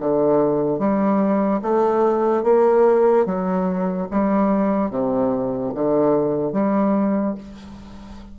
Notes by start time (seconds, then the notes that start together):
0.00 D3
0.79 G3
1.62 A3
2.43 A#3
3.25 F#3
4.11 G3
4.91 C3
5.74 D3
6.53 G3